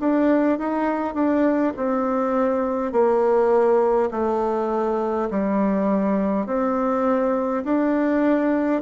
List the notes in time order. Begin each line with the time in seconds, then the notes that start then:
0.00 D4
0.59 D#4
1.14 D4
1.77 C4
2.93 A#3
4.12 A3
5.31 G3
6.47 C4
7.65 D4